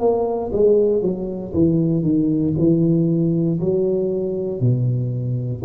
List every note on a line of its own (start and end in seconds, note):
0.00 0.51 A#3
0.52 1.02 G#3
1.02 1.53 F#3
1.53 2.03 E3
2.03 2.54 D#3
2.58 3.60 E3
3.60 4.60 F#3
4.60 5.62 B2